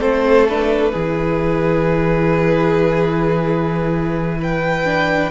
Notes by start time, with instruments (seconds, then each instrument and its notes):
0.00 cello A3, viola C4, violin A4 C5
0.49 viola D4, violin B4
0.92 cello E3, viola E4, violin G#4
4.39 violin B4 G5
4.85 viola D4